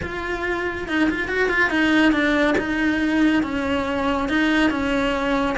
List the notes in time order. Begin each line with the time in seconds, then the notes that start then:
0.02 F4
0.88 D#4
1.09 F4
1.28 F#4
1.49 F4
1.69 D#4
2.12 D4
2.58 D#4
3.43 C#4
4.29 D#4
4.70 C#4